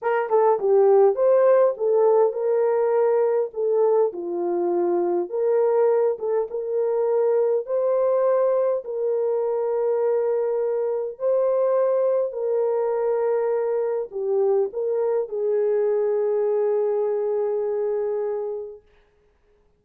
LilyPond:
\new Staff \with { instrumentName = "horn" } { \time 4/4 \tempo 4 = 102 ais'8 a'8 g'4 c''4 a'4 | ais'2 a'4 f'4~ | f'4 ais'4. a'8 ais'4~ | ais'4 c''2 ais'4~ |
ais'2. c''4~ | c''4 ais'2. | g'4 ais'4 gis'2~ | gis'1 | }